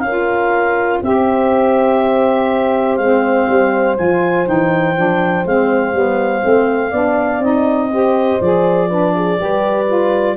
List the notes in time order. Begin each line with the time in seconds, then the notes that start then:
0.00 C#4 A#4 F5
0.07 F4
1.02 C4 G4 C5 E5
2.97 G#3 C4 F5
3.49 G3
3.96 F3 F4 G#5
4.45 E3 D#4 G5
4.96 F3 D4
5.45 G#3 C4 F5
5.93 G3 B3
6.42 A3 C4
6.91 B3 D4 D5
7.40 C4 D#4 D#5
7.91 G4 C5
8.41 F3 G#4 D5
8.90 D4 B4
9.16 G#4
9.37 G3 G4 B4
9.87 F4